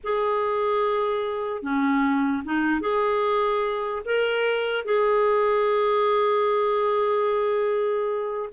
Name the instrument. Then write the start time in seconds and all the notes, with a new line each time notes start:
clarinet
0.03 G#4
1.62 C#4
2.45 D#4
2.81 G#4
4.05 A#4
4.84 G#4